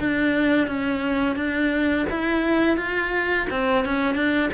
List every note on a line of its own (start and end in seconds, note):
0.00 0.68 D4
0.68 1.36 C#4
1.36 2.06 D4
2.10 2.77 E4
2.77 3.47 F4
3.50 3.85 C4
3.85 4.15 C#4
4.15 4.50 D4